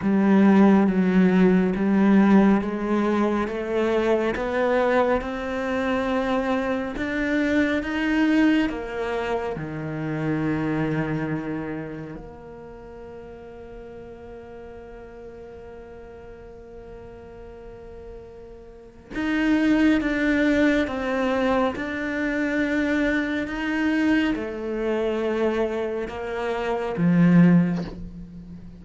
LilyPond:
\new Staff \with { instrumentName = "cello" } { \time 4/4 \tempo 4 = 69 g4 fis4 g4 gis4 | a4 b4 c'2 | d'4 dis'4 ais4 dis4~ | dis2 ais2~ |
ais1~ | ais2 dis'4 d'4 | c'4 d'2 dis'4 | a2 ais4 f4 | }